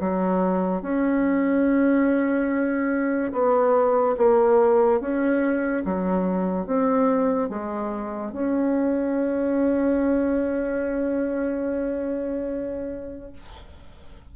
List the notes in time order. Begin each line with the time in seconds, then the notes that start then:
0.00 F#3
0.82 C#4
3.33 B3
4.17 A#3
5.01 C#4
5.85 F#3
6.67 C4
7.50 G#3
8.33 C#4